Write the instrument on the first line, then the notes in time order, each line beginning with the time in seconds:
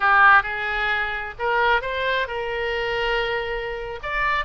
oboe
0.00 G4
0.42 G#4
1.39 A#4
1.81 C5
2.27 A#4
4.03 D5